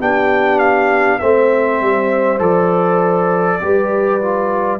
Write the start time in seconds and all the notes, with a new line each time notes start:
0.00 B3 D4 G4 G5
0.59 F5
1.19 A3 C4 C5 E5
1.81 G3
2.39 F3 A4 D5
3.61 G3 G4 B4
4.21 F4